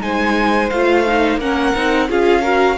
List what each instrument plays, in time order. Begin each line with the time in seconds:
0.00 cello G#3, viola D#4, violin C5 G#5
0.70 cello A3, viola F4, violin F5
1.06 viola D#4
1.36 cello A#3, viola C#4, violin A#4 F#5
1.75 cello C4, viola D#4
2.09 cello C#4, viola F4, violin G#4 F5
2.42 viola F#4, violin A#4